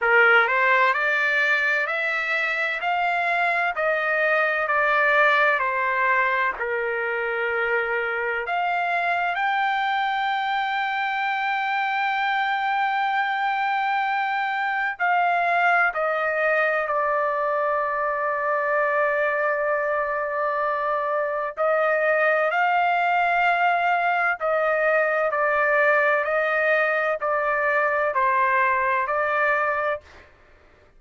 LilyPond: \new Staff \with { instrumentName = "trumpet" } { \time 4/4 \tempo 4 = 64 ais'8 c''8 d''4 e''4 f''4 | dis''4 d''4 c''4 ais'4~ | ais'4 f''4 g''2~ | g''1 |
f''4 dis''4 d''2~ | d''2. dis''4 | f''2 dis''4 d''4 | dis''4 d''4 c''4 d''4 | }